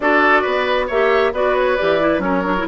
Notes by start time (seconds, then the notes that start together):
0.00 D4 F#4 A4 D5
0.41 B3 B4
0.87 A#3 G4 C#5 E5
1.32 B3 F#4 B4 D5
1.56 C#5
1.76 E3 G4 D5
2.00 E4
2.18 F#3 C#4 A#4 C#5
2.44 D4
2.57 E4